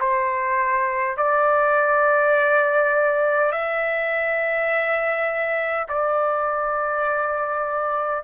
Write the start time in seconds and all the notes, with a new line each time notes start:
0.00 C5
1.18 D5
3.52 E5
5.88 D5